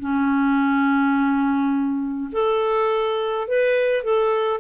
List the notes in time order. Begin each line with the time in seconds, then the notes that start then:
0.00 C#4
2.33 A4
3.48 B4
4.04 A4